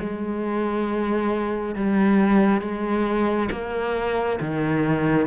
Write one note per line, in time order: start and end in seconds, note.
0.00 1.75 G#3
1.75 2.61 G3
2.61 3.49 G#3
3.51 4.40 A#3
4.41 5.27 D#3